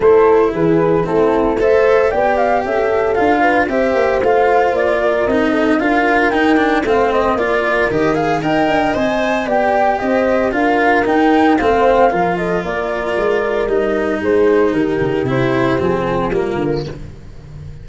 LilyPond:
<<
  \new Staff \with { instrumentName = "flute" } { \time 4/4 \tempo 4 = 114 c''4 b'4 a'4 e''4 | g''8 f''8 e''4 f''4 e''4 | f''4 d''4 dis''4 f''4 | g''4 f''8 dis''8 d''4 dis''8 f''8 |
g''4 gis''4 g''4 dis''4 | f''4 g''4 f''4. dis''8 | d''2 dis''4 c''4 | ais'4 c''4 gis'4 ais'4 | }
  \new Staff \with { instrumentName = "horn" } { \time 4/4 a'4 gis'4 e'4 c''4 | d''4 a'4. b'8 c''4~ | c''4. ais'4 a'8 ais'4~ | ais'4 c''4 ais'2 |
dis''2 d''4 c''4 | ais'2 c''4 ais'8 a'8 | ais'2. gis'4 | g'2~ g'8 f'4. | }
  \new Staff \with { instrumentName = "cello" } { \time 4/4 e'2 c'4 a'4 | g'2 f'4 g'4 | f'2 dis'4 f'4 | dis'8 d'8 c'4 f'4 g'8 gis'8 |
ais'4 c''4 g'2 | f'4 dis'4 c'4 f'4~ | f'2 dis'2~ | dis'4 e'4 c'4 ais4 | }
  \new Staff \with { instrumentName = "tuba" } { \time 4/4 a4 e4 a2 | b4 cis'4 d'4 c'8 ais8 | a4 ais4 c'4 d'4 | dis'4 a4 ais4 dis4 |
dis'8 d'8 c'4 b4 c'4 | d'4 dis'4 a4 f4 | ais4 gis4 g4 gis4 | dis8 cis8 c4 f4 g8 d8 | }
>>